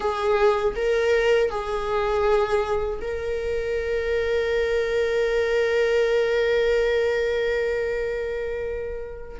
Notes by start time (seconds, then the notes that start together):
0.00 G#4
0.75 A#4
1.50 G#4
3.01 A#4